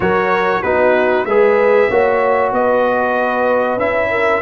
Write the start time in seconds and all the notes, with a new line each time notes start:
0.00 F#3 F#4 A#4 C#5
0.62 B3 D#4 F#4 B4
1.25 G#3 G#4 B4 E5
1.90 A#3 F#4 C#5
2.51 B3 B4 D#5
3.77 C#4 E4 E5
4.10 A#4